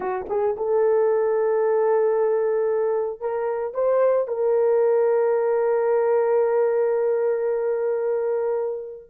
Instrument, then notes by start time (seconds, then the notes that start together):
horn
0.00 F#4
0.29 G#4
0.56 A4
3.20 A#4
3.74 C5
4.27 A#4